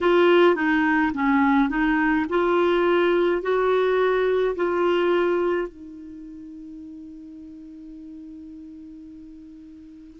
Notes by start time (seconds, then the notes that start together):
0.01 F4
0.55 D#4
1.14 C#4
1.69 D#4
2.29 F4
3.42 F#4
4.55 F4
5.68 D#4